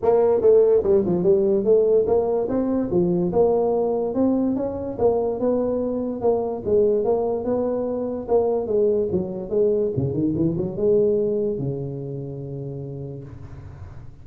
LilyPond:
\new Staff \with { instrumentName = "tuba" } { \time 4/4 \tempo 4 = 145 ais4 a4 g8 f8 g4 | a4 ais4 c'4 f4 | ais2 c'4 cis'4 | ais4 b2 ais4 |
gis4 ais4 b2 | ais4 gis4 fis4 gis4 | cis8 dis8 e8 fis8 gis2 | cis1 | }